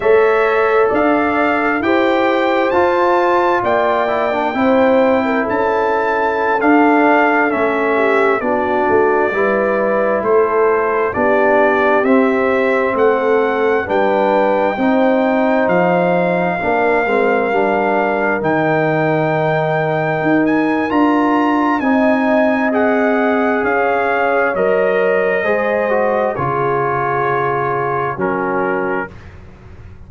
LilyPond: <<
  \new Staff \with { instrumentName = "trumpet" } { \time 4/4 \tempo 4 = 66 e''4 f''4 g''4 a''4 | g''2 a''4~ a''16 f''8.~ | f''16 e''4 d''2 c''8.~ | c''16 d''4 e''4 fis''4 g''8.~ |
g''4~ g''16 f''2~ f''8.~ | f''16 g''2~ g''16 gis''8 ais''4 | gis''4 fis''4 f''4 dis''4~ | dis''4 cis''2 ais'4 | }
  \new Staff \with { instrumentName = "horn" } { \time 4/4 cis''4 d''4 c''2 | d''4 c''8. ais'16 a'2~ | a'8. g'8 fis'4 b'4 a'8.~ | a'16 g'2 a'4 b'8.~ |
b'16 c''2 ais'4.~ ais'16~ | ais'1 | dis''2 cis''2 | c''4 gis'2 fis'4 | }
  \new Staff \with { instrumentName = "trombone" } { \time 4/4 a'2 g'4 f'4~ | f'8 e'16 d'16 e'2~ e'16 d'8.~ | d'16 cis'4 d'4 e'4.~ e'16~ | e'16 d'4 c'2 d'8.~ |
d'16 dis'2 d'8 c'8 d'8.~ | d'16 dis'2~ dis'8. f'4 | dis'4 gis'2 ais'4 | gis'8 fis'8 f'2 cis'4 | }
  \new Staff \with { instrumentName = "tuba" } { \time 4/4 a4 d'4 e'4 f'4 | ais4 c'4 cis'4~ cis'16 d'8.~ | d'16 a4 b8 a8 g4 a8.~ | a16 b4 c'4 a4 g8.~ |
g16 c'4 f4 ais8 gis8 g8.~ | g16 dis2 dis'8. d'4 | c'2 cis'4 fis4 | gis4 cis2 fis4 | }
>>